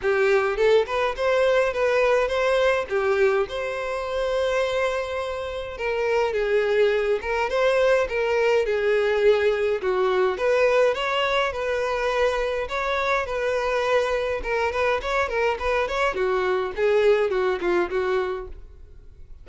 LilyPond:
\new Staff \with { instrumentName = "violin" } { \time 4/4 \tempo 4 = 104 g'4 a'8 b'8 c''4 b'4 | c''4 g'4 c''2~ | c''2 ais'4 gis'4~ | gis'8 ais'8 c''4 ais'4 gis'4~ |
gis'4 fis'4 b'4 cis''4 | b'2 cis''4 b'4~ | b'4 ais'8 b'8 cis''8 ais'8 b'8 cis''8 | fis'4 gis'4 fis'8 f'8 fis'4 | }